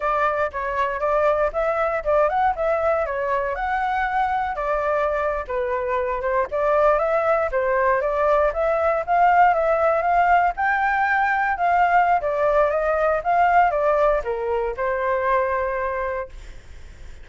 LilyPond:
\new Staff \with { instrumentName = "flute" } { \time 4/4 \tempo 4 = 118 d''4 cis''4 d''4 e''4 | d''8 fis''8 e''4 cis''4 fis''4~ | fis''4 d''4.~ d''16 b'4~ b'16~ | b'16 c''8 d''4 e''4 c''4 d''16~ |
d''8. e''4 f''4 e''4 f''16~ | f''8. g''2 f''4~ f''16 | d''4 dis''4 f''4 d''4 | ais'4 c''2. | }